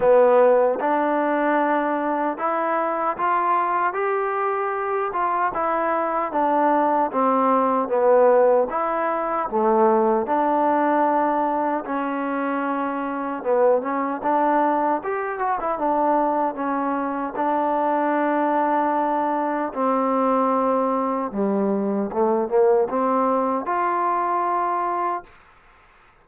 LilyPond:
\new Staff \with { instrumentName = "trombone" } { \time 4/4 \tempo 4 = 76 b4 d'2 e'4 | f'4 g'4. f'8 e'4 | d'4 c'4 b4 e'4 | a4 d'2 cis'4~ |
cis'4 b8 cis'8 d'4 g'8 fis'16 e'16 | d'4 cis'4 d'2~ | d'4 c'2 g4 | a8 ais8 c'4 f'2 | }